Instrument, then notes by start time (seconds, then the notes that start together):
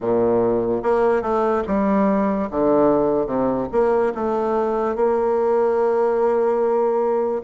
bassoon
0.00 A#2
0.83 A#3
1.21 A3
1.67 G3
2.50 D3
3.26 C3
3.71 A#3
4.14 A3
4.95 A#3